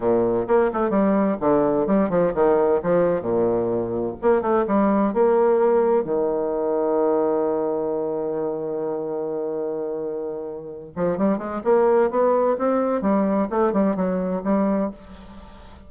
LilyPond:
\new Staff \with { instrumentName = "bassoon" } { \time 4/4 \tempo 4 = 129 ais,4 ais8 a8 g4 d4 | g8 f8 dis4 f4 ais,4~ | ais,4 ais8 a8 g4 ais4~ | ais4 dis2.~ |
dis1~ | dis2.~ dis8 f8 | g8 gis8 ais4 b4 c'4 | g4 a8 g8 fis4 g4 | }